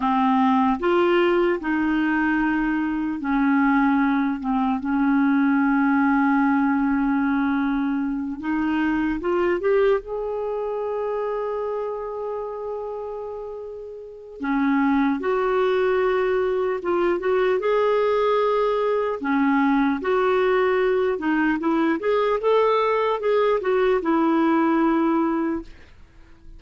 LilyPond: \new Staff \with { instrumentName = "clarinet" } { \time 4/4 \tempo 4 = 75 c'4 f'4 dis'2 | cis'4. c'8 cis'2~ | cis'2~ cis'8 dis'4 f'8 | g'8 gis'2.~ gis'8~ |
gis'2 cis'4 fis'4~ | fis'4 f'8 fis'8 gis'2 | cis'4 fis'4. dis'8 e'8 gis'8 | a'4 gis'8 fis'8 e'2 | }